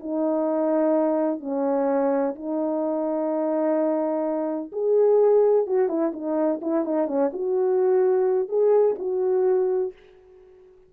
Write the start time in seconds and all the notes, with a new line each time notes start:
0.00 D#4
1.41 C#4
2.36 D#4
4.72 G#4
5.67 F#4
5.89 E4
6.13 D#4
6.62 E4
6.85 D#4
7.08 C#4
7.33 F#4
8.49 G#4
8.99 F#4